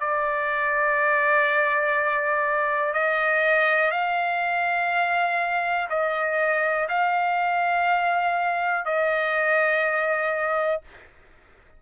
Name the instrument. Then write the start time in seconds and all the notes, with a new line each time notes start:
trumpet
0.00 D5
2.94 D#5
3.91 F5
5.90 D#5
6.89 F5
8.85 D#5